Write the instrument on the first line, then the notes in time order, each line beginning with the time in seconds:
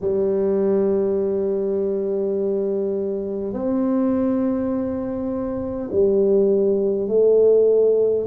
tuba
0.01 G3
3.53 C4
5.91 G3
7.07 A3